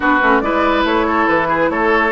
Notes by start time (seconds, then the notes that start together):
0.00 B3 D4 F#4 B4
0.22 A3 C#4
0.40 G#3 E4 B4 D5
0.84 A3 C#5
1.06 A4
1.27 E3 B4
1.48 G#4
1.69 A3 A4 C#5